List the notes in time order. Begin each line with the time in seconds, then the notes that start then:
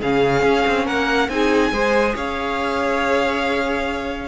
0.00 C#3 C#4 G#4 F5
0.43 C#4
0.67 C4
0.85 A#3 A#4 F#5
1.29 C4 D#4 G#4 G#5
1.72 G#3 G#4 C5
2.16 C#4 C#5 F5